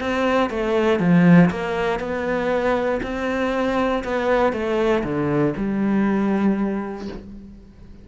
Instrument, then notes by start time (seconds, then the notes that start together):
cello
0.00 C4
0.50 A3
1.00 F3
1.50 A#3
1.99 B3
3.03 C4
4.04 B3
4.53 A3
5.04 D3
5.57 G3